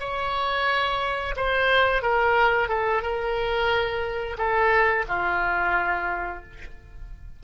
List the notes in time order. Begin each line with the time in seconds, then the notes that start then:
0.00 C#5
1.36 C5
2.03 A#4
2.69 A4
3.02 A#4
4.38 A4
5.08 F4